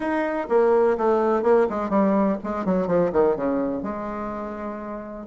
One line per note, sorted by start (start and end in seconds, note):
0.00 0.47 D#4
0.49 0.97 A#3
0.97 1.42 A3
1.42 1.66 A#3
1.69 1.89 G#3
1.89 2.37 G3
2.43 2.65 G#3
2.65 2.87 F#3
2.87 3.11 F3
3.12 3.36 D#3
3.36 3.83 C#3
3.83 5.27 G#3